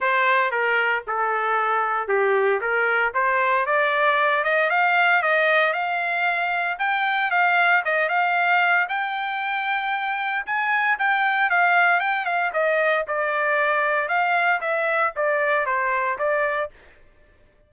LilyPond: \new Staff \with { instrumentName = "trumpet" } { \time 4/4 \tempo 4 = 115 c''4 ais'4 a'2 | g'4 ais'4 c''4 d''4~ | d''8 dis''8 f''4 dis''4 f''4~ | f''4 g''4 f''4 dis''8 f''8~ |
f''4 g''2. | gis''4 g''4 f''4 g''8 f''8 | dis''4 d''2 f''4 | e''4 d''4 c''4 d''4 | }